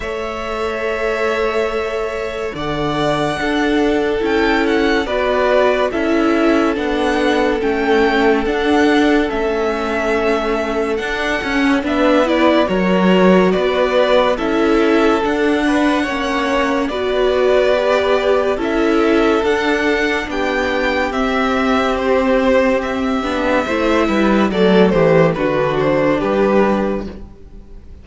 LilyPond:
<<
  \new Staff \with { instrumentName = "violin" } { \time 4/4 \tempo 4 = 71 e''2. fis''4~ | fis''4 g''8 fis''8 d''4 e''4 | fis''4 g''4 fis''4 e''4~ | e''4 fis''4 e''8 d''8 cis''4 |
d''4 e''4 fis''2 | d''2 e''4 fis''4 | g''4 e''4 c''4 e''4~ | e''4 d''8 c''8 b'8 c''8 b'4 | }
  \new Staff \with { instrumentName = "violin" } { \time 4/4 cis''2. d''4 | a'2 b'4 a'4~ | a'1~ | a'2 b'4 ais'4 |
b'4 a'4. b'8 cis''4 | b'2 a'2 | g'1 | c''8 b'8 a'8 g'8 fis'4 g'4 | }
  \new Staff \with { instrumentName = "viola" } { \time 4/4 a'1 | d'4 e'4 fis'4 e'4 | d'4 cis'4 d'4 cis'4~ | cis'4 d'8 cis'8 d'8 e'8 fis'4~ |
fis'4 e'4 d'4 cis'4 | fis'4 g'4 e'4 d'4~ | d'4 c'2~ c'8 d'8 | e'4 a4 d'2 | }
  \new Staff \with { instrumentName = "cello" } { \time 4/4 a2. d4 | d'4 cis'4 b4 cis'4 | b4 a4 d'4 a4~ | a4 d'8 cis'8 b4 fis4 |
b4 cis'4 d'4 ais4 | b2 cis'4 d'4 | b4 c'2~ c'8 b8 | a8 g8 fis8 e8 d4 g4 | }
>>